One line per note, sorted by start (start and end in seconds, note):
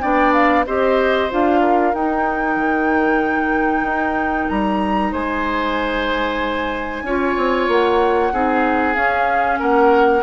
0.00 0.66 B3
0.00 0.65 D4
0.00 0.65 D5
0.00 0.32 G5
0.33 0.65 F5
0.66 1.30 C4
0.66 1.30 G4
0.66 1.60 C5
0.66 1.30 D#5
1.30 1.93 D4
1.30 1.93 F4
1.30 1.94 F5
1.60 5.11 A#4
1.93 2.56 D#4
1.93 7.07 D#4
1.93 4.49 G5
2.56 3.83 D#3
3.83 4.46 D#4
4.49 5.12 G3
4.49 5.12 A#5
5.11 7.02 G#3
5.11 7.03 C5
5.11 7.69 G#5
7.02 7.34 C#4
7.02 8.33 F4
7.02 8.33 C#5
7.37 7.68 C4
7.68 8.31 A#3
7.68 8.94 F#5
8.32 8.96 C4
8.32 8.94 D#4
8.32 9.59 G#4
8.94 10.22 C#4
8.94 9.59 C#4
8.94 9.58 F5
9.59 10.23 A#3
9.59 10.23 A#4
9.59 10.23 F#5